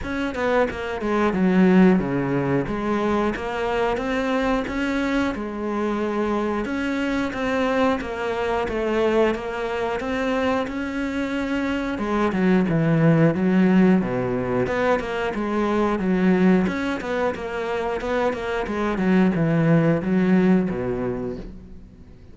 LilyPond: \new Staff \with { instrumentName = "cello" } { \time 4/4 \tempo 4 = 90 cis'8 b8 ais8 gis8 fis4 cis4 | gis4 ais4 c'4 cis'4 | gis2 cis'4 c'4 | ais4 a4 ais4 c'4 |
cis'2 gis8 fis8 e4 | fis4 b,4 b8 ais8 gis4 | fis4 cis'8 b8 ais4 b8 ais8 | gis8 fis8 e4 fis4 b,4 | }